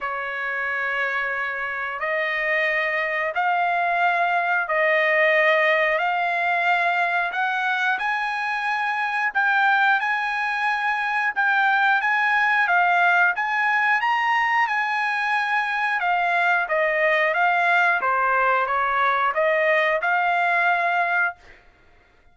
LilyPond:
\new Staff \with { instrumentName = "trumpet" } { \time 4/4 \tempo 4 = 90 cis''2. dis''4~ | dis''4 f''2 dis''4~ | dis''4 f''2 fis''4 | gis''2 g''4 gis''4~ |
gis''4 g''4 gis''4 f''4 | gis''4 ais''4 gis''2 | f''4 dis''4 f''4 c''4 | cis''4 dis''4 f''2 | }